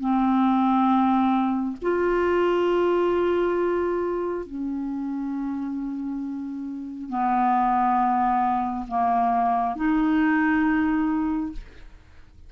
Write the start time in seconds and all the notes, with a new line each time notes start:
0.00 C4
1.82 F4
4.46 C#4
7.10 B3
8.88 A#3
9.76 D#4